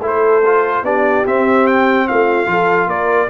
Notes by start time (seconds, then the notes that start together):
0.00 A3 E4 A4
0.06 C5
0.45 F4
0.82 B3 D4 G4 D5
1.25 C4 E5
1.66 G5
2.07 A3 F4 F5
2.46 F3 F4 A4
2.86 A#3 A#4 D5